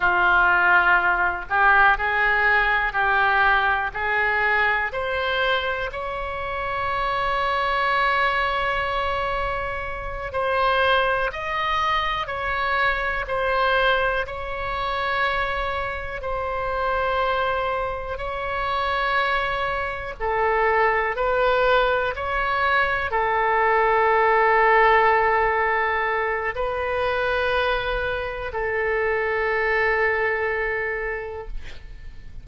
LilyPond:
\new Staff \with { instrumentName = "oboe" } { \time 4/4 \tempo 4 = 61 f'4. g'8 gis'4 g'4 | gis'4 c''4 cis''2~ | cis''2~ cis''8 c''4 dis''8~ | dis''8 cis''4 c''4 cis''4.~ |
cis''8 c''2 cis''4.~ | cis''8 a'4 b'4 cis''4 a'8~ | a'2. b'4~ | b'4 a'2. | }